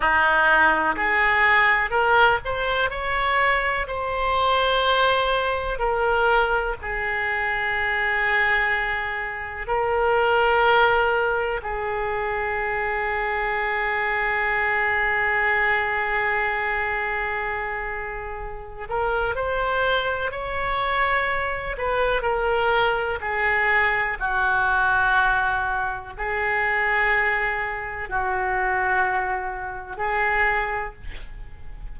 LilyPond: \new Staff \with { instrumentName = "oboe" } { \time 4/4 \tempo 4 = 62 dis'4 gis'4 ais'8 c''8 cis''4 | c''2 ais'4 gis'4~ | gis'2 ais'2 | gis'1~ |
gis'2.~ gis'8 ais'8 | c''4 cis''4. b'8 ais'4 | gis'4 fis'2 gis'4~ | gis'4 fis'2 gis'4 | }